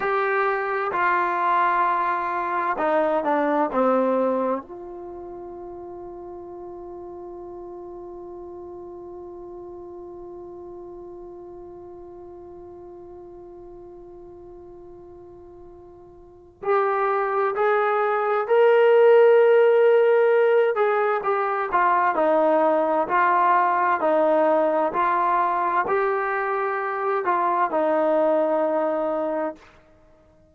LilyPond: \new Staff \with { instrumentName = "trombone" } { \time 4/4 \tempo 4 = 65 g'4 f'2 dis'8 d'8 | c'4 f'2.~ | f'1~ | f'1~ |
f'2 g'4 gis'4 | ais'2~ ais'8 gis'8 g'8 f'8 | dis'4 f'4 dis'4 f'4 | g'4. f'8 dis'2 | }